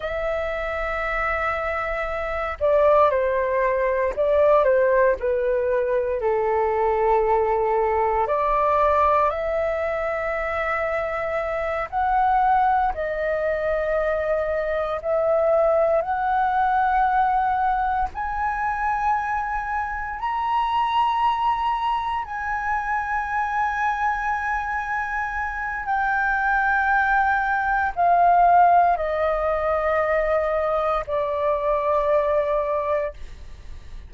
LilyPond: \new Staff \with { instrumentName = "flute" } { \time 4/4 \tempo 4 = 58 e''2~ e''8 d''8 c''4 | d''8 c''8 b'4 a'2 | d''4 e''2~ e''8 fis''8~ | fis''8 dis''2 e''4 fis''8~ |
fis''4. gis''2 ais''8~ | ais''4. gis''2~ gis''8~ | gis''4 g''2 f''4 | dis''2 d''2 | }